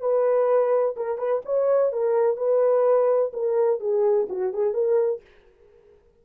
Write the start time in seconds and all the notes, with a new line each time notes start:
0.00 B4
0.97 A#4
1.18 B4
1.45 C#5
1.92 A#4
2.37 B4
3.33 A#4
3.80 G#4
4.29 F#4
4.53 G#4
4.74 A#4